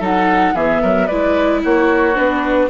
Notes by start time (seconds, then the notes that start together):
0.00 F#3 D#4 A4 F#5
0.55 E3 B3 G#4 E5
0.82 F#3 A#4
1.07 G#3 E4 B4 D5
1.64 A#3 F#4 C#5
2.15 B3 D4 B4